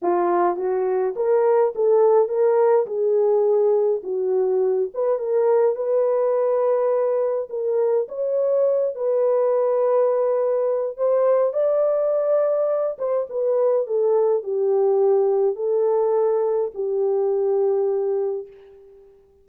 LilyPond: \new Staff \with { instrumentName = "horn" } { \time 4/4 \tempo 4 = 104 f'4 fis'4 ais'4 a'4 | ais'4 gis'2 fis'4~ | fis'8 b'8 ais'4 b'2~ | b'4 ais'4 cis''4. b'8~ |
b'2. c''4 | d''2~ d''8 c''8 b'4 | a'4 g'2 a'4~ | a'4 g'2. | }